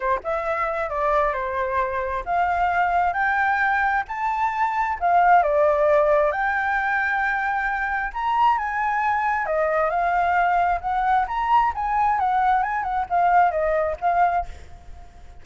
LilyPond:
\new Staff \with { instrumentName = "flute" } { \time 4/4 \tempo 4 = 133 c''8 e''4. d''4 c''4~ | c''4 f''2 g''4~ | g''4 a''2 f''4 | d''2 g''2~ |
g''2 ais''4 gis''4~ | gis''4 dis''4 f''2 | fis''4 ais''4 gis''4 fis''4 | gis''8 fis''8 f''4 dis''4 f''4 | }